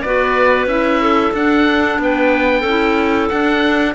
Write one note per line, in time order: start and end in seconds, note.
0.00 0.65 B3
0.00 0.68 F#4
0.00 1.01 B4
0.00 0.65 D5
0.65 1.31 C#4
0.65 1.33 E4
0.65 1.33 E5
1.01 1.99 A4
1.33 2.63 D4
1.33 1.98 D4
1.33 2.00 F#5
1.98 2.63 B3
1.98 2.60 B4
1.98 3.29 G5
2.60 3.28 C#4
2.60 3.91 A4
2.68 3.30 E4
3.29 3.94 D4
3.29 3.94 F#5